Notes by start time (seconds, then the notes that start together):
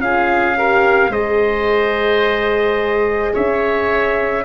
0.00 C#4 F4 G#4 F5
0.57 G4 A#4
1.09 G#3 G#4 C5 D#5
3.34 C#4 C#5 E5